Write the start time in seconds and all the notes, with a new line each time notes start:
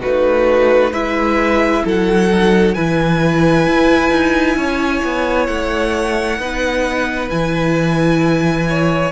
0.00 A3 D#4 F#4 B4
0.91 G#3 E4 B4 E5
1.84 F#3 A4 F#5
2.31 D#4
2.74 E3 E4 B4 G#5
3.67 E4
4.10 D#4
4.56 C#4 C#5
5.04 B3
5.47 A3 F#5
6.38 B3 D#4 B4
7.30 E3 E4 G#5
8.69 C#5